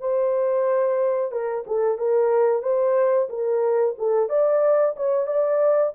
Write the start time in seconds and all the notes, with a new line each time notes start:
0.00 C5
1.31 A#4
1.67 A4
1.98 A#4
2.62 C5
3.29 A#4
3.98 A4
4.29 D5
4.96 C#5
5.27 D5